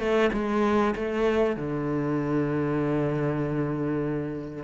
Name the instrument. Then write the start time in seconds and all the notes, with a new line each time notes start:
cello
0.00 A3
0.33 G#3
0.96 A3
1.57 D3